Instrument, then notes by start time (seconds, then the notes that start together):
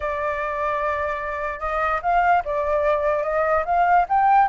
flute
0.00 D5
1.59 D#5
2.02 F5
2.44 D5
3.23 D#5
3.65 F5
4.09 G5